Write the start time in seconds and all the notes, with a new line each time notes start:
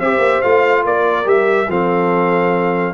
0.00 C4 G4 C5 E5
0.18 A#3
0.42 A3 F4 F5
0.84 A#3 A#4 D5
1.24 G3 G4 E5
1.68 F3 C4 A4 F5